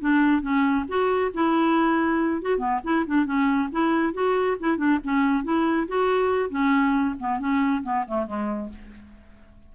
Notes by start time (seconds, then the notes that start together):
0.00 D4
0.42 C#4
0.88 F#4
1.34 E4
2.42 F#4
2.58 B3
2.84 E4
3.07 D4
3.25 C#4
3.72 E4
4.13 F#4
4.60 E4
4.77 D4
5.04 C#4
5.44 E4
5.88 F#4
6.50 C#4
7.19 B3
7.39 C#4
7.83 B3
8.07 A3
8.26 G#3